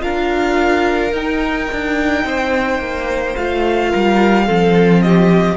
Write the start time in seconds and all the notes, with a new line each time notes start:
0.00 D4 F4 A#4 F5
1.12 D#4 G5
1.72 D4
2.25 C4 C5
2.79 A#3
3.36 A3 F4 F5
3.91 G3 A#4
4.47 F3 C4 A4
5.02 G4 D#5